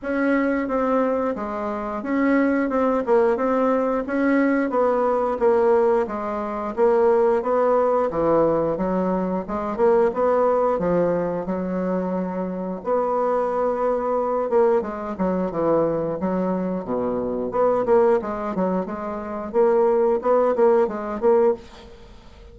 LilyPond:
\new Staff \with { instrumentName = "bassoon" } { \time 4/4 \tempo 4 = 89 cis'4 c'4 gis4 cis'4 | c'8 ais8 c'4 cis'4 b4 | ais4 gis4 ais4 b4 | e4 fis4 gis8 ais8 b4 |
f4 fis2 b4~ | b4. ais8 gis8 fis8 e4 | fis4 b,4 b8 ais8 gis8 fis8 | gis4 ais4 b8 ais8 gis8 ais8 | }